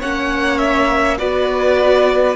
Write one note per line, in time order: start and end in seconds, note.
0.00 1.20 A#3
0.00 1.19 C#4
0.00 1.18 C#5
0.00 0.58 F#5
0.58 1.17 E5
1.19 2.36 B3
1.19 2.36 F#4
1.19 2.36 B4
1.19 2.36 D5